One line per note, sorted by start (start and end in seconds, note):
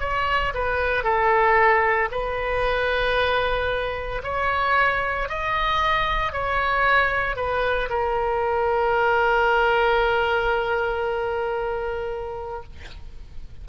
0.00 0.53 C#5
0.54 1.03 B4
1.03 2.09 A4
2.11 4.22 B4
4.23 5.28 C#5
5.28 6.32 D#5
6.32 7.36 C#5
7.36 7.89 B4
7.89 12.63 A#4